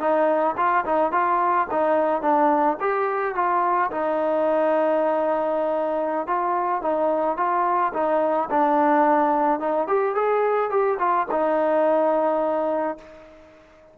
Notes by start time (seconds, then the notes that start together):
0.00 D#4
0.57 F4
0.86 D#4
1.12 F4
1.71 D#4
2.22 D4
2.81 G4
3.35 F4
3.91 D#4
6.27 F4
6.82 D#4
7.37 F4
7.94 D#4
8.50 D4
9.60 D#4
9.88 G4
10.15 G#4
10.70 G4
10.99 F4
11.31 D#4